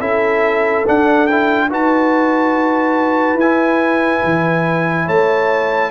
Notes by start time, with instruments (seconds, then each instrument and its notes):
0.00 tuba C#4, trombone E4, horn A4, trumpet E5
0.87 trombone D4, tuba D4, trumpet F#5
1.27 trombone E4, trumpet G5
1.69 tuba D#4, trombone F#4, horn B4, trumpet A5
3.34 tuba E4, trumpet G#5
3.41 trombone E4
4.24 tuba E3
5.05 tuba A3, horn C#5, trumpet A5